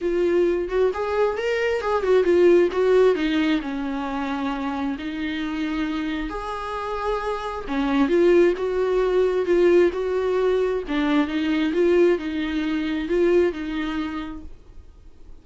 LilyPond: \new Staff \with { instrumentName = "viola" } { \time 4/4 \tempo 4 = 133 f'4. fis'8 gis'4 ais'4 | gis'8 fis'8 f'4 fis'4 dis'4 | cis'2. dis'4~ | dis'2 gis'2~ |
gis'4 cis'4 f'4 fis'4~ | fis'4 f'4 fis'2 | d'4 dis'4 f'4 dis'4~ | dis'4 f'4 dis'2 | }